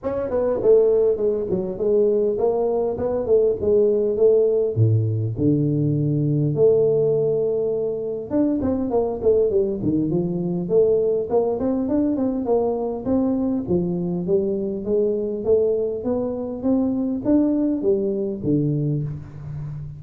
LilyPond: \new Staff \with { instrumentName = "tuba" } { \time 4/4 \tempo 4 = 101 cis'8 b8 a4 gis8 fis8 gis4 | ais4 b8 a8 gis4 a4 | a,4 d2 a4~ | a2 d'8 c'8 ais8 a8 |
g8 dis8 f4 a4 ais8 c'8 | d'8 c'8 ais4 c'4 f4 | g4 gis4 a4 b4 | c'4 d'4 g4 d4 | }